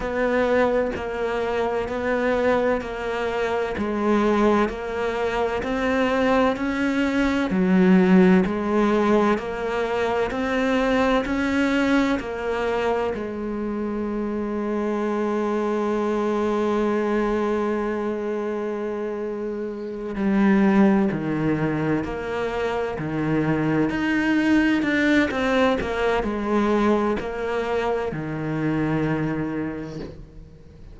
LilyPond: \new Staff \with { instrumentName = "cello" } { \time 4/4 \tempo 4 = 64 b4 ais4 b4 ais4 | gis4 ais4 c'4 cis'4 | fis4 gis4 ais4 c'4 | cis'4 ais4 gis2~ |
gis1~ | gis4. g4 dis4 ais8~ | ais8 dis4 dis'4 d'8 c'8 ais8 | gis4 ais4 dis2 | }